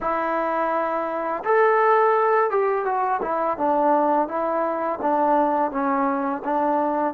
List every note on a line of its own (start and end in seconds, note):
0.00 1.43 E4
1.44 2.50 A4
2.50 2.85 G4
2.85 3.20 F#4
3.22 3.57 E4
3.57 4.28 D4
4.28 4.99 E4
5.01 5.71 D4
5.71 6.42 C#4
6.44 7.14 D4